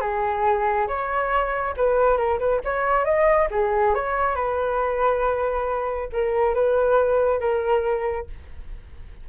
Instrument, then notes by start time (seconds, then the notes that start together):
flute
0.00 G#4
0.87 C#5
1.76 B4
2.17 A#4
2.39 B4
2.64 C#5
3.04 D#5
3.51 G#4
3.94 C#5
4.35 B4
6.12 A#4
6.54 B4
7.40 A#4